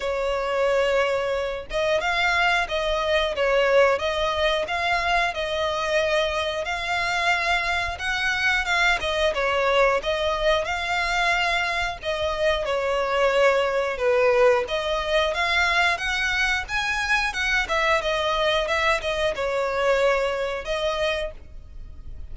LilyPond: \new Staff \with { instrumentName = "violin" } { \time 4/4 \tempo 4 = 90 cis''2~ cis''8 dis''8 f''4 | dis''4 cis''4 dis''4 f''4 | dis''2 f''2 | fis''4 f''8 dis''8 cis''4 dis''4 |
f''2 dis''4 cis''4~ | cis''4 b'4 dis''4 f''4 | fis''4 gis''4 fis''8 e''8 dis''4 | e''8 dis''8 cis''2 dis''4 | }